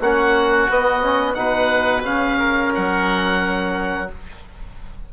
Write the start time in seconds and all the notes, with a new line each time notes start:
0.00 A#3 C#4 F#4 F#5
0.69 B3 D#5
1.02 C#4
1.34 B2 D#4 B4 F#5
2.03 C#3 C#4 F5
2.39 A#4
2.75 F#3 F#5